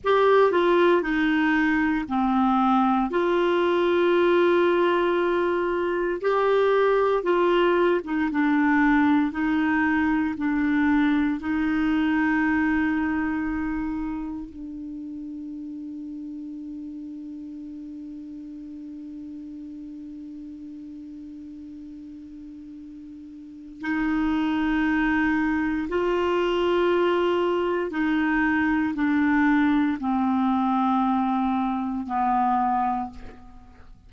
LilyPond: \new Staff \with { instrumentName = "clarinet" } { \time 4/4 \tempo 4 = 58 g'8 f'8 dis'4 c'4 f'4~ | f'2 g'4 f'8. dis'16 | d'4 dis'4 d'4 dis'4~ | dis'2 d'2~ |
d'1~ | d'2. dis'4~ | dis'4 f'2 dis'4 | d'4 c'2 b4 | }